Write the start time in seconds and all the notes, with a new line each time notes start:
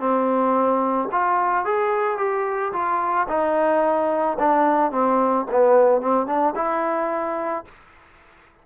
0.00 C4
1.12 F4
1.65 G#4
2.18 G4
2.73 F4
3.29 D#4
4.39 D4
4.92 C4
5.51 B3
6.02 C4
6.27 D4
6.56 E4